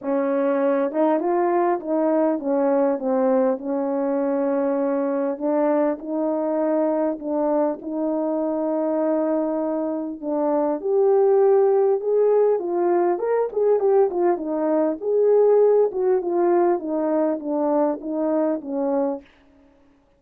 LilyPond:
\new Staff \with { instrumentName = "horn" } { \time 4/4 \tempo 4 = 100 cis'4. dis'8 f'4 dis'4 | cis'4 c'4 cis'2~ | cis'4 d'4 dis'2 | d'4 dis'2.~ |
dis'4 d'4 g'2 | gis'4 f'4 ais'8 gis'8 g'8 f'8 | dis'4 gis'4. fis'8 f'4 | dis'4 d'4 dis'4 cis'4 | }